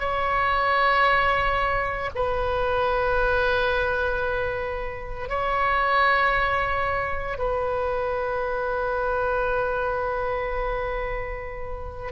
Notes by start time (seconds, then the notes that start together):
0.00 C#5
2.16 B4
5.29 C#5
7.39 B4